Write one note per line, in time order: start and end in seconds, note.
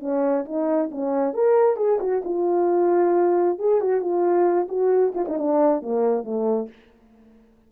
0.00 0.45 C#4
0.45 0.90 D#4
0.91 1.34 C#4
1.34 1.76 A#4
1.76 1.99 G#4
2.00 2.22 F#4
2.24 3.59 F4
3.59 3.81 G#4
3.81 4.01 F#4
4.01 4.68 F4
4.68 5.13 F#4
5.15 5.26 F4
5.28 5.39 D#4
5.39 5.82 D4
5.82 6.24 A#3
6.24 6.69 A3